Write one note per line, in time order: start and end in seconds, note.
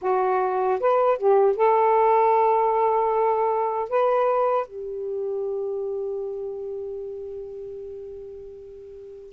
0.01 0.79 F#4
0.80 1.18 B4
1.18 1.56 G4
1.56 3.89 A4
3.89 4.67 B4
4.67 9.33 G4